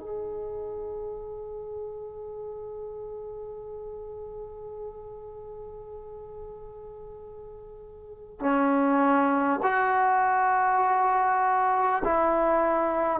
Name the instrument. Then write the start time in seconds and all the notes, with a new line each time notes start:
trombone
0.00 G#4
8.41 C#4
9.63 F#4
12.04 E4